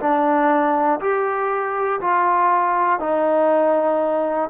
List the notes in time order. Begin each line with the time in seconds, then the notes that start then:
0.00 D4
1.00 G4
2.01 F4
3.00 D#4